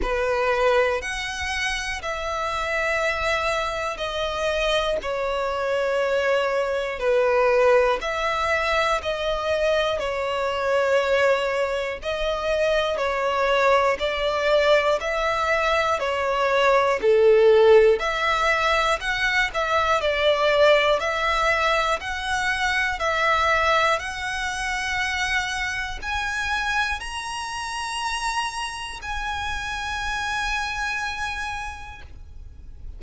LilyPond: \new Staff \with { instrumentName = "violin" } { \time 4/4 \tempo 4 = 60 b'4 fis''4 e''2 | dis''4 cis''2 b'4 | e''4 dis''4 cis''2 | dis''4 cis''4 d''4 e''4 |
cis''4 a'4 e''4 fis''8 e''8 | d''4 e''4 fis''4 e''4 | fis''2 gis''4 ais''4~ | ais''4 gis''2. | }